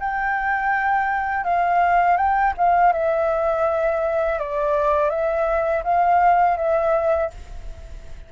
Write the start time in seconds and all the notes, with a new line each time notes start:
0.00 G5
1.44 F5
2.17 G5
2.57 F5
2.93 E5
4.39 D5
5.10 E5
5.84 F5
6.57 E5